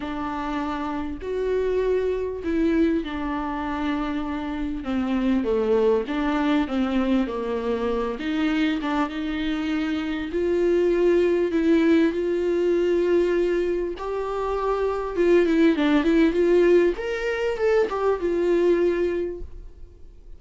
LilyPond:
\new Staff \with { instrumentName = "viola" } { \time 4/4 \tempo 4 = 99 d'2 fis'2 | e'4 d'2. | c'4 a4 d'4 c'4 | ais4. dis'4 d'8 dis'4~ |
dis'4 f'2 e'4 | f'2. g'4~ | g'4 f'8 e'8 d'8 e'8 f'4 | ais'4 a'8 g'8 f'2 | }